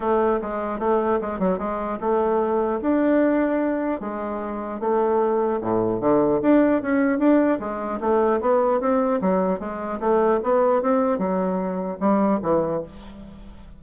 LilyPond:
\new Staff \with { instrumentName = "bassoon" } { \time 4/4 \tempo 4 = 150 a4 gis4 a4 gis8 fis8 | gis4 a2 d'4~ | d'2 gis2 | a2 a,4 d4 |
d'4 cis'4 d'4 gis4 | a4 b4 c'4 fis4 | gis4 a4 b4 c'4 | fis2 g4 e4 | }